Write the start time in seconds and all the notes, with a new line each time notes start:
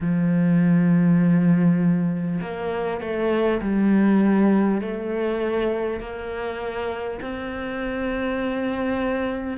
0.00 F3
2.41 A#3
3.01 A3
3.61 G3
4.81 A3
5.99 A#3
7.21 C4